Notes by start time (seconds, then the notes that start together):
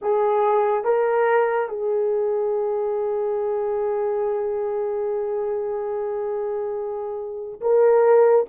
0.01 G#4
0.84 A#4
1.68 G#4
7.61 A#4